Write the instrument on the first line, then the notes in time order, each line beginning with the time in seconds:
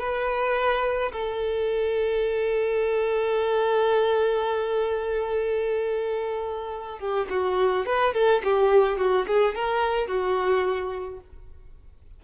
violin
0.00 B4
1.13 A4
7.00 G4
7.30 F#4
7.86 B4
8.14 A4
8.44 G4
8.98 F#4
9.28 G#4
9.56 A#4
10.08 F#4